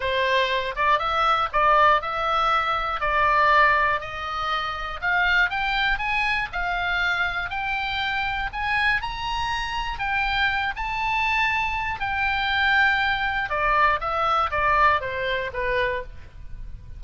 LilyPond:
\new Staff \with { instrumentName = "oboe" } { \time 4/4 \tempo 4 = 120 c''4. d''8 e''4 d''4 | e''2 d''2 | dis''2 f''4 g''4 | gis''4 f''2 g''4~ |
g''4 gis''4 ais''2 | g''4. a''2~ a''8 | g''2. d''4 | e''4 d''4 c''4 b'4 | }